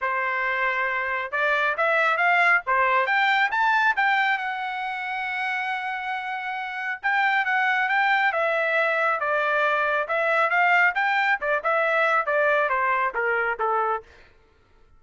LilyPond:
\new Staff \with { instrumentName = "trumpet" } { \time 4/4 \tempo 4 = 137 c''2. d''4 | e''4 f''4 c''4 g''4 | a''4 g''4 fis''2~ | fis''1 |
g''4 fis''4 g''4 e''4~ | e''4 d''2 e''4 | f''4 g''4 d''8 e''4. | d''4 c''4 ais'4 a'4 | }